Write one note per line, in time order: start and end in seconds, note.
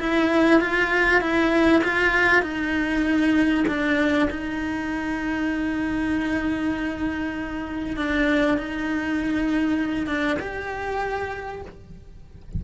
0.00 0.61 E4
0.61 1.21 F4
1.21 1.82 E4
1.84 2.42 F4
2.42 3.65 D#4
3.68 4.29 D4
4.30 7.97 D#4
7.97 8.58 D4
8.58 10.07 D#4
10.07 10.37 D4
10.40 11.62 G4